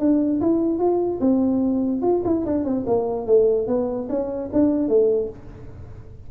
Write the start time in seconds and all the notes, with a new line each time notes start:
0.00 D4
0.41 E4
0.79 F4
1.21 C4
2.02 F4
2.25 E4
2.46 D4
2.65 C4
2.87 A#3
3.27 A3
3.68 B3
4.10 C#4
4.53 D4
4.89 A3